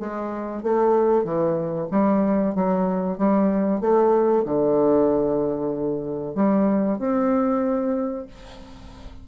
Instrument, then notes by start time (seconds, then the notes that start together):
bassoon
0.00 G#3
0.63 A3
1.24 E3
1.91 G3
2.55 F#3
3.18 G3
3.81 A3
4.45 D3
6.35 G3
6.99 C4